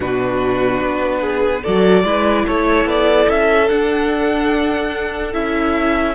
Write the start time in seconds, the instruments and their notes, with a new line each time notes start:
0.00 cello B2, viola D4, violin F#4 B4
0.80 cello B3
1.21 violin G#4
1.62 cello F#3, viola F#4, violin A4 D5
2.03 cello G#3, viola E4, violin B4
2.46 cello A3, violin A4 C#5
2.85 cello B3, violin D5
3.29 cello C#4, violin E5
3.68 viola D4, cello D4, violin F#5
5.32 cello C#4, viola E4, violin E5